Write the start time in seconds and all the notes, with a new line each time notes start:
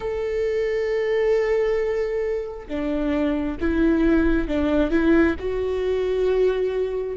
0.00 A4
2.68 D4
3.60 E4
4.48 D4
4.91 E4
5.39 F#4